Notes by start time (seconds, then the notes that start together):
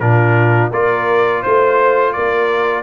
0.00 A#2 D4 F4 A#4
0.71 A#3 F4 A#4 D5
1.42 A3 C5
2.12 A#3 A#4 D5